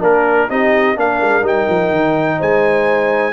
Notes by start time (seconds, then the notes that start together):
0.00 A#3 D4 A#4
0.49 C4 D#4 G4 D#5
0.96 A#3 D4 A#4 F5
1.21 G#3
1.42 G3 D#4 G5
1.69 F3
1.91 D#3
2.38 G#3 C5 G#5